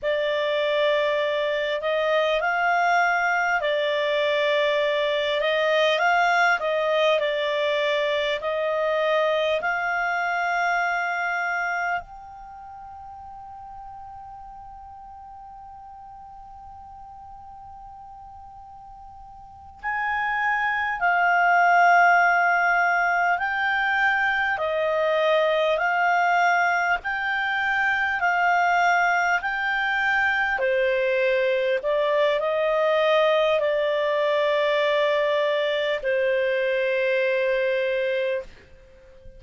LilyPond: \new Staff \with { instrumentName = "clarinet" } { \time 4/4 \tempo 4 = 50 d''4. dis''8 f''4 d''4~ | d''8 dis''8 f''8 dis''8 d''4 dis''4 | f''2 g''2~ | g''1~ |
g''8 gis''4 f''2 g''8~ | g''8 dis''4 f''4 g''4 f''8~ | f''8 g''4 c''4 d''8 dis''4 | d''2 c''2 | }